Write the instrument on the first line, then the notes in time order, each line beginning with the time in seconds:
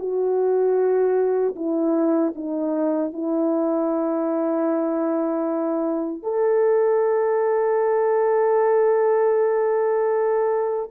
horn
0.00 F#4
1.56 E4
2.36 D#4
3.13 E4
6.23 A4